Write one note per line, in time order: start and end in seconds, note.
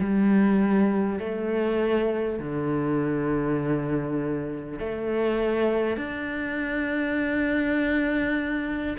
0.00 1.19 G3
1.19 2.39 A3
2.39 4.79 D3
4.79 5.97 A3
5.97 8.97 D4